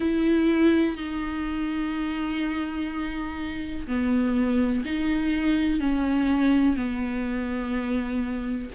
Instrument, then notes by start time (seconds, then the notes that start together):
viola
0.00 E4
0.96 D#4
3.87 B3
4.84 D#4
5.80 C#4
6.76 B3